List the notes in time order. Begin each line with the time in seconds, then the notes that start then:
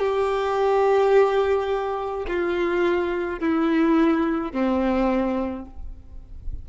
0.00 G4
2.28 F4
3.40 E4
4.53 C4